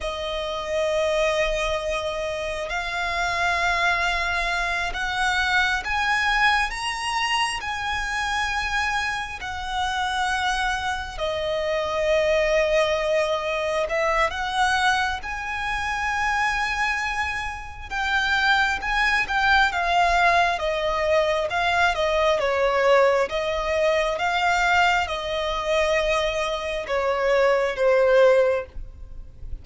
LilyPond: \new Staff \with { instrumentName = "violin" } { \time 4/4 \tempo 4 = 67 dis''2. f''4~ | f''4. fis''4 gis''4 ais''8~ | ais''8 gis''2 fis''4.~ | fis''8 dis''2. e''8 |
fis''4 gis''2. | g''4 gis''8 g''8 f''4 dis''4 | f''8 dis''8 cis''4 dis''4 f''4 | dis''2 cis''4 c''4 | }